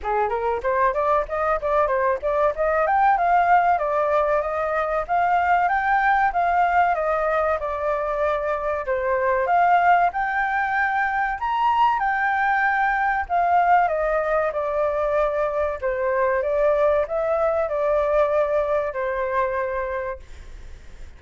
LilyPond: \new Staff \with { instrumentName = "flute" } { \time 4/4 \tempo 4 = 95 gis'8 ais'8 c''8 d''8 dis''8 d''8 c''8 d''8 | dis''8 g''8 f''4 d''4 dis''4 | f''4 g''4 f''4 dis''4 | d''2 c''4 f''4 |
g''2 ais''4 g''4~ | g''4 f''4 dis''4 d''4~ | d''4 c''4 d''4 e''4 | d''2 c''2 | }